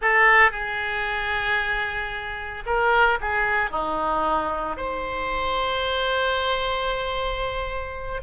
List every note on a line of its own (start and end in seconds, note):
0.01 0.51 A4
0.51 2.63 G#4
2.65 3.19 A#4
3.21 3.70 G#4
3.70 4.76 D#4
4.76 8.21 C5